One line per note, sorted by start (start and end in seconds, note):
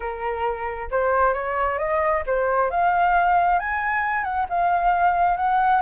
0.00 0.89 A#4
0.90 1.33 C5
1.33 1.78 C#5
1.78 2.23 D#5
2.26 2.70 C5
2.70 3.59 F5
3.59 4.23 G#5
4.23 4.46 F#5
4.49 5.36 F5
5.36 5.81 F#5